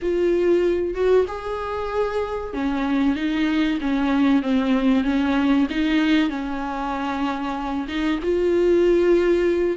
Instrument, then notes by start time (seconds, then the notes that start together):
viola
0.02 F4
0.94 F#4
1.27 G#4
2.53 C#4
3.15 D#4
3.80 C#4
4.42 C4
5.04 C#4
5.70 D#4
6.29 C#4
7.88 D#4
8.22 F4